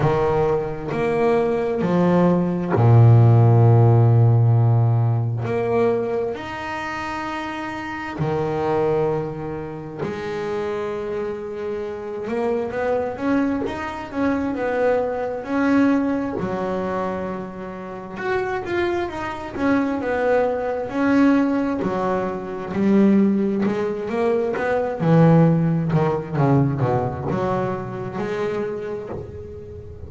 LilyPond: \new Staff \with { instrumentName = "double bass" } { \time 4/4 \tempo 4 = 66 dis4 ais4 f4 ais,4~ | ais,2 ais4 dis'4~ | dis'4 dis2 gis4~ | gis4. ais8 b8 cis'8 dis'8 cis'8 |
b4 cis'4 fis2 | fis'8 f'8 dis'8 cis'8 b4 cis'4 | fis4 g4 gis8 ais8 b8 e8~ | e8 dis8 cis8 b,8 fis4 gis4 | }